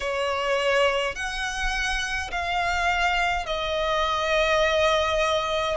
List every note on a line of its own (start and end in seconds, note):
0.00 1.15 C#5
1.15 2.30 F#5
2.31 3.46 F5
3.46 5.76 D#5